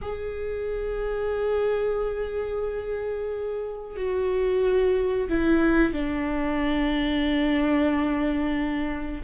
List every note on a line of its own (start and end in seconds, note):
0.01 3.96 G#4
3.96 5.28 F#4
5.28 5.93 E4
5.93 9.22 D4